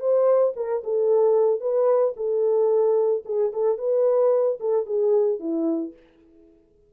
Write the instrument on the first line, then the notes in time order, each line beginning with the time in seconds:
horn
0.00 C5
0.56 A#4
0.83 A4
1.60 B4
2.16 A4
3.25 G#4
3.53 A4
3.78 B4
4.60 A4
4.86 G#4
5.39 E4